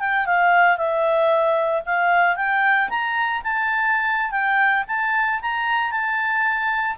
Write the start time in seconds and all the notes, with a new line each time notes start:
0.00 G5
0.26 F5
0.78 E5
1.86 F5
2.36 G5
2.90 A#5
3.44 A5
4.32 G5
4.88 A5
5.42 A#5
5.92 A5